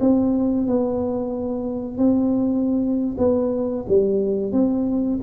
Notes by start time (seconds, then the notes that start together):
0.00 C4
0.67 B3
1.98 C4
3.18 B3
3.88 G3
4.52 C4